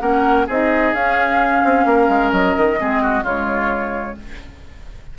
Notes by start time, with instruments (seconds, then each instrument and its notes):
0.00 bassoon A#3, clarinet C#4, oboe A#4, flute F#5
0.46 bassoon C4, clarinet D#4, oboe G#4, flute D#5
0.94 bassoon C#4, clarinet C#4, flute F5
1.64 bassoon C4
1.85 bassoon A#3, oboe A#4
2.09 bassoon G#3
2.32 bassoon F#3, flute D#5
2.57 bassoon D#3
2.78 bassoon G#3, clarinet C4, oboe G#4
3.02 oboe F#4
3.23 bassoon C#3, clarinet G#3, oboe F4, flute C#5